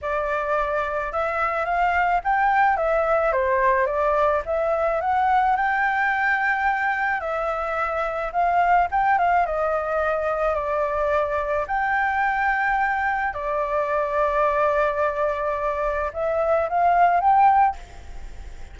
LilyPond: \new Staff \with { instrumentName = "flute" } { \time 4/4 \tempo 4 = 108 d''2 e''4 f''4 | g''4 e''4 c''4 d''4 | e''4 fis''4 g''2~ | g''4 e''2 f''4 |
g''8 f''8 dis''2 d''4~ | d''4 g''2. | d''1~ | d''4 e''4 f''4 g''4 | }